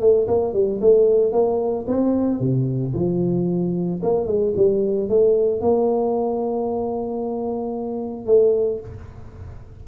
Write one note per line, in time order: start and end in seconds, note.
0.00 0.27 A3
0.27 0.53 A#3
0.53 0.80 G3
0.81 1.32 A3
1.32 1.86 A#3
1.87 2.40 C4
2.40 2.93 C3
2.94 4.01 F3
4.03 4.26 A#3
4.26 4.53 G#3
4.56 5.09 G3
5.09 5.61 A3
5.61 8.26 A#3
8.26 8.80 A3